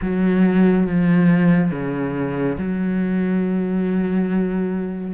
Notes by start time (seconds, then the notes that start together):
0.01 F#3
0.86 F3
1.71 C#3
2.57 F#3